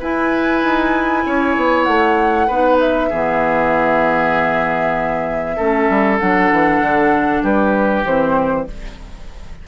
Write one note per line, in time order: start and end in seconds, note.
0.00 2.49 E4
0.00 0.64 E4
0.00 1.24 B4
0.00 1.84 G#5
0.64 1.25 D#4
1.26 1.57 C#4
1.26 2.47 C#5
1.57 1.87 B3
1.84 2.49 A3
1.84 2.77 F#5
2.47 3.11 B3
2.47 3.12 D#4
2.47 3.09 B4
2.80 6.19 E5
3.10 5.59 E3
3.10 5.58 B3
3.10 5.57 G#4
5.57 5.89 A3
5.57 6.20 C#4
5.57 7.42 A4
5.89 6.20 G3
6.19 6.52 F#3
6.19 8.05 D4
6.19 7.43 F#5
6.52 6.80 E3
6.80 7.42 D3
7.43 8.05 G3
7.43 8.66 G4
7.43 8.06 B4
8.05 8.67 E3
8.05 8.68 C4
8.05 8.68 C5